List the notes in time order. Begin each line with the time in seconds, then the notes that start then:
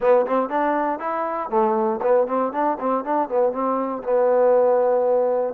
0.00 B3
0.26 C4
0.49 D4
0.99 E4
1.49 A3
2.02 B3
2.27 C4
2.52 D4
2.79 C4
3.04 D4
3.28 B3
3.52 C4
4.03 B3